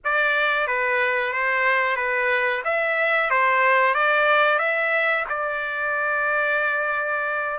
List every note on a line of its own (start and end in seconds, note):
0.04 0.67 D5
0.67 1.32 B4
1.32 1.96 C5
1.96 2.62 B4
2.64 3.30 E5
3.30 3.94 C5
3.94 4.58 D5
4.58 5.24 E5
5.29 7.59 D5